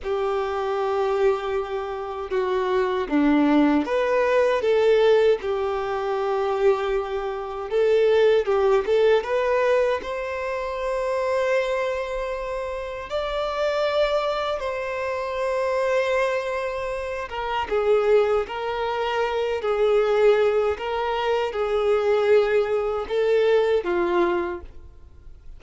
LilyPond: \new Staff \with { instrumentName = "violin" } { \time 4/4 \tempo 4 = 78 g'2. fis'4 | d'4 b'4 a'4 g'4~ | g'2 a'4 g'8 a'8 | b'4 c''2.~ |
c''4 d''2 c''4~ | c''2~ c''8 ais'8 gis'4 | ais'4. gis'4. ais'4 | gis'2 a'4 f'4 | }